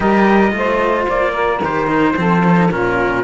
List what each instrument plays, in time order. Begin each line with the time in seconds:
0.00 cello G3 G4, saxophone A#4, trumpet D#5
0.50 cello A3 F4
0.57 saxophone C5
1.09 cello A#3, trumpet D5
1.32 saxophone A#4
1.61 cello D#3 G4, trumpet C5
1.87 cello D#4
2.16 cello F3 C4, saxophone A4
2.44 cello C#4
2.56 cello D#4
2.70 cello A#2 C#4, saxophone F4, trumpet A#4